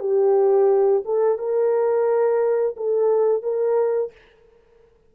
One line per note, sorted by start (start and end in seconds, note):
0.00 1.03 G4
1.05 1.38 A4
1.38 2.76 A#4
2.77 3.43 A4
3.43 4.12 A#4